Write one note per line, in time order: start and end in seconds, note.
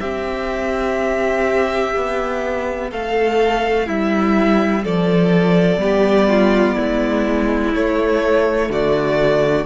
0.00 5.79 C4
0.00 1.95 C4
0.00 2.90 G4
0.00 2.91 E5
1.96 2.92 B3
2.91 3.88 A3
2.91 3.86 A4
2.91 3.88 F5
3.86 4.85 G3
3.86 4.83 E4
3.86 4.85 E5
4.84 5.77 F3
4.84 5.81 A4
4.84 7.75 D5
5.77 6.74 G3
5.77 7.72 B3
5.77 6.30 G4
6.30 6.76 F4
6.76 7.75 G#3
6.76 8.69 E4
7.75 8.69 A3
7.75 9.66 A3
7.75 8.72 C#5
8.69 9.66 D3
8.69 9.66 F#4
8.69 9.66 D5